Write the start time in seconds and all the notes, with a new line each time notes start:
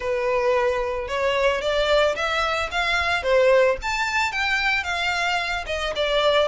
0.00 B4
1.08 C#5
1.61 D5
2.15 E5
2.71 F5
3.22 C5
3.82 A5
4.31 G5
4.83 F5
5.66 D#5
5.95 D5